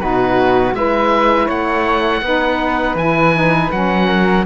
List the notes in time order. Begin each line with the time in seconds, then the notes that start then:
0.00 B2 D#4 F#4 B4
0.73 G#3 E4 B4 E5
1.47 A3 C#5 F#5
2.22 B3 D#4 B4
2.95 E3 E4 G#5
3.35 D#4
3.71 F#3 C#4 F#5
4.07 A#4